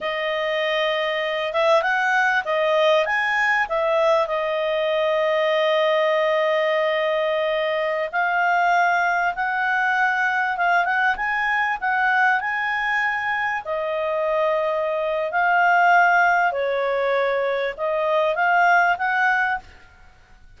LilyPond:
\new Staff \with { instrumentName = "clarinet" } { \time 4/4 \tempo 4 = 98 dis''2~ dis''8 e''8 fis''4 | dis''4 gis''4 e''4 dis''4~ | dis''1~ | dis''4~ dis''16 f''2 fis''8.~ |
fis''4~ fis''16 f''8 fis''8 gis''4 fis''8.~ | fis''16 gis''2 dis''4.~ dis''16~ | dis''4 f''2 cis''4~ | cis''4 dis''4 f''4 fis''4 | }